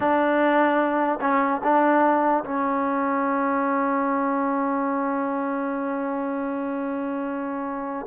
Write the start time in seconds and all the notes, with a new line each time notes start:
0.00 D4
1.21 C#4
1.63 D4
2.44 C#4